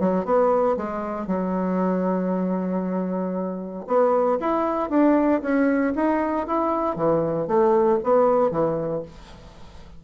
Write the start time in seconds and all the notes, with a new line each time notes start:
0.00 F#3
0.25 B3
0.77 G#3
1.27 F#3
3.87 B3
4.40 E4
4.90 D4
5.42 C#4
5.96 D#4
6.47 E4
6.96 E3
7.47 A3
8.04 B3
8.51 E3